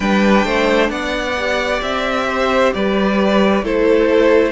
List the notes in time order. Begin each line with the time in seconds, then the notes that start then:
0.00 G3 D4 B4 G5
0.45 A3 C5
0.90 B3 D5 F#5
1.37 G4
1.82 C4 E5
2.28 C5
2.74 G3 B4 D5
3.62 A3 E4 A4 C5